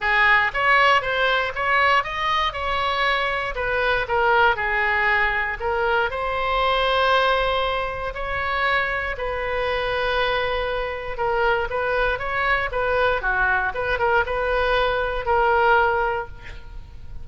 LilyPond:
\new Staff \with { instrumentName = "oboe" } { \time 4/4 \tempo 4 = 118 gis'4 cis''4 c''4 cis''4 | dis''4 cis''2 b'4 | ais'4 gis'2 ais'4 | c''1 |
cis''2 b'2~ | b'2 ais'4 b'4 | cis''4 b'4 fis'4 b'8 ais'8 | b'2 ais'2 | }